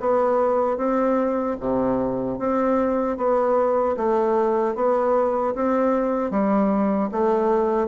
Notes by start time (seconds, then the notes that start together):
0.00 B3
0.78 C4
1.60 C3
2.39 C4
3.17 B3
3.97 A3
4.75 B3
5.55 C4
6.31 G3
7.12 A3